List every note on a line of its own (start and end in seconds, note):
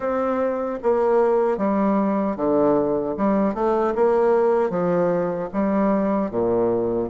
0.00 0.79 C4
0.83 1.57 A#3
1.57 2.36 G3
2.36 3.15 D3
3.17 3.54 G3
3.54 3.94 A3
3.95 4.70 A#3
4.70 5.49 F3
5.53 6.30 G3
6.30 7.09 A#2